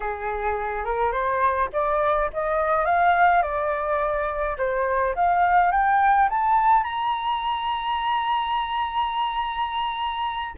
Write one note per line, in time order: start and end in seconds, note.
0.00 0.84 G#4
0.84 1.11 A#4
1.11 1.69 C5
1.72 2.29 D5
2.33 2.85 D#5
2.85 3.42 F5
3.42 4.56 D5
4.57 5.14 C5
5.15 5.71 F5
5.71 6.28 G5
6.29 6.83 A5
6.83 10.55 A#5